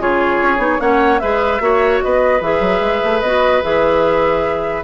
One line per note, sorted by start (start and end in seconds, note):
0.00 0.40 C#3
0.00 0.59 F4
0.00 0.82 G#4
0.00 0.81 C#5
0.43 0.58 C#4
0.58 0.79 B3
0.58 0.79 D#4
0.80 1.21 A#3
0.80 1.20 C#4
0.80 1.22 C#5
0.80 1.20 F#5
1.20 1.61 G#3
1.20 1.60 G#4
1.20 1.62 B4
1.20 2.00 E5
1.60 2.01 A#3
1.60 2.41 F#4
1.60 2.04 C#5
2.02 2.41 B3
2.02 4.85 B4
2.02 2.42 D#5
2.41 2.61 E3
2.41 3.23 G#4
2.41 3.22 E5
2.61 2.81 F#3
2.81 3.01 G#3
3.04 3.23 A3
3.22 3.63 B3
3.22 3.63 F#4
3.22 3.62 D#5
3.63 4.85 E3
3.63 4.84 G#4
3.63 4.84 E5